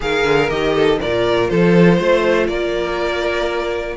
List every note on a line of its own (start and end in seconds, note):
0.00 0.24 D#3
0.00 0.49 G#4
0.00 0.74 A#4
0.00 0.49 F5
0.24 0.49 D3
0.49 0.99 D#3
0.49 0.99 G4
0.49 0.99 D#5
0.74 0.99 A4
1.00 1.50 A#2
1.00 3.96 F4
1.00 1.50 A#4
1.00 1.48 D5
1.48 1.99 F3
1.48 1.97 A4
1.48 2.47 C5
1.97 2.48 A3
1.97 2.46 C5
2.47 3.96 A#3
2.47 3.96 A#4
2.47 3.96 D5